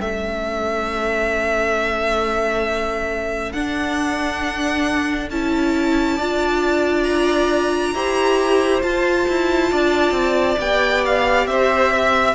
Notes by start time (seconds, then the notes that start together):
0.00 A3 C#4 A4 E5
3.52 D4 F#5
5.30 C#4 E4 A5
6.16 D4 F4 D5
7.03 A#5
7.94 E4 G4 C5
8.82 F4 A5
9.28 E4
9.71 D4 D5
10.11 C4
10.59 B3 G4 G5
11.05 F5
11.46 C4 C5 E5
11.92 E5